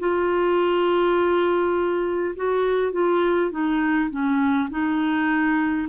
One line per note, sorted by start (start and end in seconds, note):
0.00 2.35 F4
2.36 2.93 F#4
2.93 3.51 F4
3.51 4.10 D#4
4.11 4.70 C#4
4.71 5.88 D#4